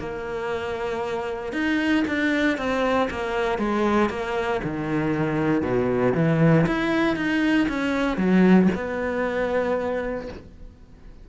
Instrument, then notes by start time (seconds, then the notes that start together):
cello
0.00 A#3
1.53 D#4
2.08 D4
2.58 C4
3.11 A#3
3.59 G#3
4.10 A#3
4.64 D#3
5.63 B2
6.15 E3
6.67 E4
7.16 D#4
7.69 C#4
8.17 F#3
8.75 B3